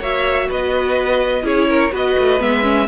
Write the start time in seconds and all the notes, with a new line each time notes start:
0.00 A#3 F#4 C#5 E5
0.49 B3 B4 D#5
1.43 C#4 E4 G#4 C#5
1.69 A#4
1.92 B3 F#4 B4 D#5
2.19 A3
2.39 G#3 B3 E5
2.62 C#4